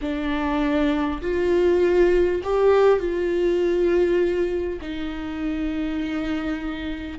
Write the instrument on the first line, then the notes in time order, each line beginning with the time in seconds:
viola
0.01 D4
1.21 F4
2.43 G4
2.99 F4
4.81 D#4